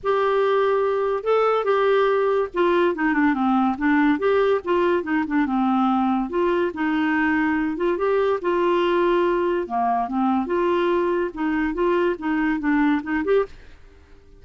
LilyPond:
\new Staff \with { instrumentName = "clarinet" } { \time 4/4 \tempo 4 = 143 g'2. a'4 | g'2 f'4 dis'8 d'8 | c'4 d'4 g'4 f'4 | dis'8 d'8 c'2 f'4 |
dis'2~ dis'8 f'8 g'4 | f'2. ais4 | c'4 f'2 dis'4 | f'4 dis'4 d'4 dis'8 g'8 | }